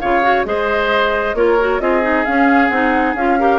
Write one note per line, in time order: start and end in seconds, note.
0.00 0.45 C#3
0.00 0.23 F4
0.00 0.47 C#5
0.00 0.45 F5
0.23 0.46 F#4
0.45 1.35 G#3
0.45 1.36 G#4
0.45 1.37 C5
0.45 1.36 D#5
1.35 1.80 A#3
1.35 1.59 F4
1.35 1.82 A#4
1.35 1.81 C#5
1.60 1.81 F#4
1.80 2.25 C4
1.80 2.02 F4
1.80 3.40 G#4
1.80 2.25 D#5
2.02 2.25 D#4
2.25 2.71 C#4
2.25 2.70 C#4
2.25 2.70 F5
2.70 3.15 C4
2.70 3.17 D#4
2.70 3.15 F#5
3.15 3.59 C#4
3.15 3.39 F4
3.15 3.59 F5
3.39 3.59 G4
3.39 3.59 A#4